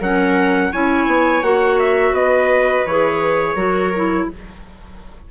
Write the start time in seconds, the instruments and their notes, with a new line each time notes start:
0.00 bassoon F#3, clarinet C#4, viola A#4, trumpet F#5
0.72 bassoon C#4, clarinet E4, viola C#5, trumpet G#5
1.07 bassoon B3
1.42 bassoon A#3, clarinet F#4, trumpet F#5
1.79 trumpet E5
2.12 bassoon B3, viola B4, trumpet D#5
2.86 bassoon E3, clarinet G#4, trumpet C#5
3.55 bassoon F#3, clarinet F#4, viola A#4
3.95 clarinet E4